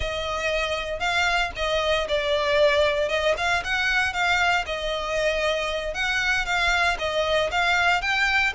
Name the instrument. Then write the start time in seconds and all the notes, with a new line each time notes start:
violin
0.00 D#5
0.99 F5
1.56 D#5
2.08 D5
3.08 D#5
3.37 F5
3.63 F#5
4.13 F5
4.66 D#5
5.94 F#5
6.45 F5
6.98 D#5
7.51 F5
8.01 G5